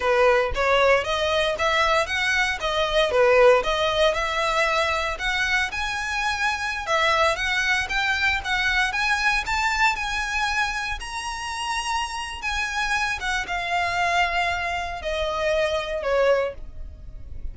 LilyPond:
\new Staff \with { instrumentName = "violin" } { \time 4/4 \tempo 4 = 116 b'4 cis''4 dis''4 e''4 | fis''4 dis''4 b'4 dis''4 | e''2 fis''4 gis''4~ | gis''4~ gis''16 e''4 fis''4 g''8.~ |
g''16 fis''4 gis''4 a''4 gis''8.~ | gis''4~ gis''16 ais''2~ ais''8. | gis''4. fis''8 f''2~ | f''4 dis''2 cis''4 | }